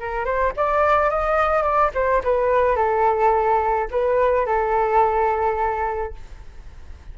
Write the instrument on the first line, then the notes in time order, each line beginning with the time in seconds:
flute
0.00 A#4
0.25 C5
0.57 D5
1.11 D#5
1.63 D5
1.95 C5
2.24 B4
2.77 A4
3.91 B4
4.46 A4